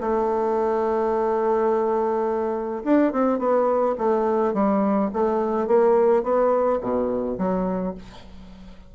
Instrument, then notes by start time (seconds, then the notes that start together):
bassoon
0.00 A3
2.84 D4
3.12 C4
3.39 B3
3.98 A3
4.53 G3
5.13 A3
5.67 A#3
6.23 B3
6.81 B2
7.38 F#3